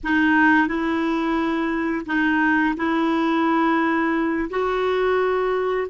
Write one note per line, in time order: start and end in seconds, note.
0.03 0.67 D#4
0.67 2.05 E4
2.05 2.74 D#4
2.76 4.49 E4
4.50 5.87 F#4